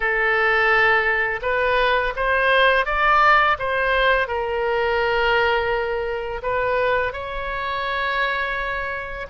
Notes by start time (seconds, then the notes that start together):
0.00 A4
1.42 B4
2.16 C5
2.85 D5
3.58 C5
4.27 A#4
6.42 B4
7.12 C#5